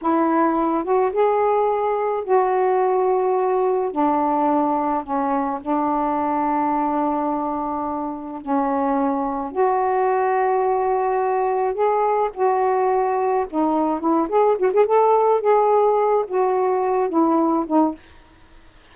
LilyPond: \new Staff \with { instrumentName = "saxophone" } { \time 4/4 \tempo 4 = 107 e'4. fis'8 gis'2 | fis'2. d'4~ | d'4 cis'4 d'2~ | d'2. cis'4~ |
cis'4 fis'2.~ | fis'4 gis'4 fis'2 | dis'4 e'8 gis'8 fis'16 gis'16 a'4 gis'8~ | gis'4 fis'4. e'4 dis'8 | }